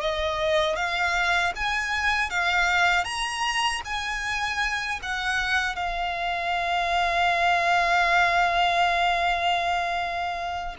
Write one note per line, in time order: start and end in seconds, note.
0.00 0.76 D#5
0.76 1.52 F5
1.56 2.30 G#5
2.30 3.04 F5
3.04 3.81 A#5
3.85 5.00 G#5
5.02 5.76 F#5
5.76 10.76 F5